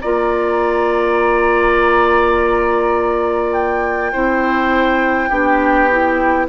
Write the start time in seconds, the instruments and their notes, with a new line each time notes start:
0.00 bassoon A#3, clarinet F4, oboe D5, flute A#5
3.52 flute G5
4.12 bassoon C4, clarinet E4, oboe C5
5.29 bassoon B3, clarinet D4, oboe G4
5.91 clarinet E4